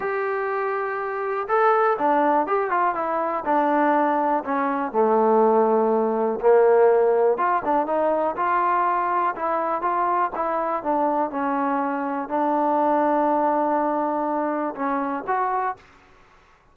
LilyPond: \new Staff \with { instrumentName = "trombone" } { \time 4/4 \tempo 4 = 122 g'2. a'4 | d'4 g'8 f'8 e'4 d'4~ | d'4 cis'4 a2~ | a4 ais2 f'8 d'8 |
dis'4 f'2 e'4 | f'4 e'4 d'4 cis'4~ | cis'4 d'2.~ | d'2 cis'4 fis'4 | }